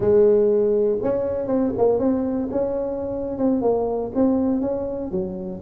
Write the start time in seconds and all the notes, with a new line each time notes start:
0.00 G#3
1.02 C#4
1.47 C4
1.77 A#3
1.98 C4
2.51 C#4
3.38 C4
3.61 A#3
4.15 C4
4.61 C#4
5.11 F#3